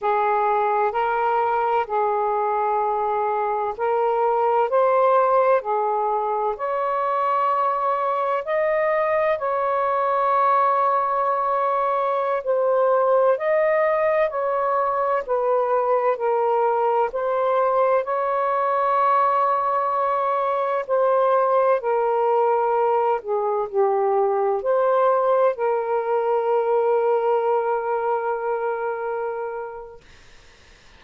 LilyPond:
\new Staff \with { instrumentName = "saxophone" } { \time 4/4 \tempo 4 = 64 gis'4 ais'4 gis'2 | ais'4 c''4 gis'4 cis''4~ | cis''4 dis''4 cis''2~ | cis''4~ cis''16 c''4 dis''4 cis''8.~ |
cis''16 b'4 ais'4 c''4 cis''8.~ | cis''2~ cis''16 c''4 ais'8.~ | ais'8. gis'8 g'4 c''4 ais'8.~ | ais'1 | }